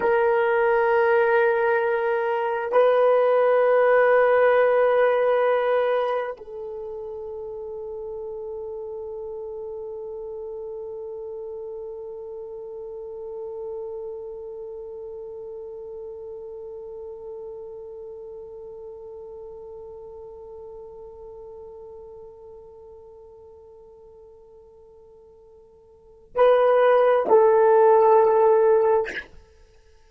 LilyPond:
\new Staff \with { instrumentName = "horn" } { \time 4/4 \tempo 4 = 66 ais'2. b'4~ | b'2. a'4~ | a'1~ | a'1~ |
a'1~ | a'1~ | a'1~ | a'4 b'4 a'2 | }